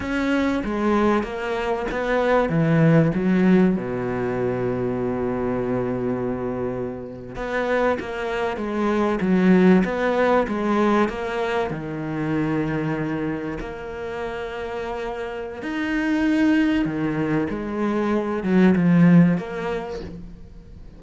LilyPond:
\new Staff \with { instrumentName = "cello" } { \time 4/4 \tempo 4 = 96 cis'4 gis4 ais4 b4 | e4 fis4 b,2~ | b,2.~ b,8. b16~ | b8. ais4 gis4 fis4 b16~ |
b8. gis4 ais4 dis4~ dis16~ | dis4.~ dis16 ais2~ ais16~ | ais4 dis'2 dis4 | gis4. fis8 f4 ais4 | }